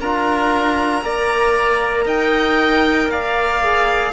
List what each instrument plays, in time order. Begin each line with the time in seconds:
0.00 cello D4, trombone F4, oboe A#4, violin A#5
1.03 cello A#3, trombone A#4, oboe D5
2.05 cello D#4, oboe D#5, violin G5
3.08 cello A#3, oboe D5, violin F5
3.62 trombone G#4